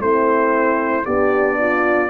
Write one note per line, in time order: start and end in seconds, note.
0.00 1.05 A3
0.00 1.04 C4
0.00 1.06 E4
0.00 1.05 C5
1.04 2.10 B3
1.04 2.10 D4
1.04 1.57 G4
1.04 2.10 D5
1.59 2.10 F4